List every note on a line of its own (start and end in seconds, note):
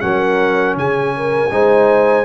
0.00 0.76 F#3
0.00 1.50 C#4
0.00 0.77 A#4
0.00 0.75 F#5
0.76 1.51 C#3
0.76 1.16 G#4
0.76 2.25 G#5
1.16 1.52 A#4
1.51 2.25 G#3
1.51 2.25 D#4
1.51 2.25 C5